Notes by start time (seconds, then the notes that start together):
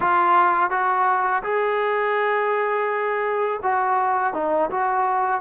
0.00 F4
0.70 F#4
1.43 G#4
3.62 F#4
4.33 D#4
4.70 F#4